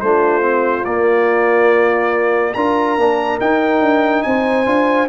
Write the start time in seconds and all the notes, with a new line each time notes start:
0.00 A3 D4 F4 C5
0.41 C4
0.85 A#3 D5
2.54 D4 F4 A#4 A#5
2.97 A#3 D4
3.40 D#4 G5
3.81 D4
4.23 C4 C5 G#5
4.66 D4 F4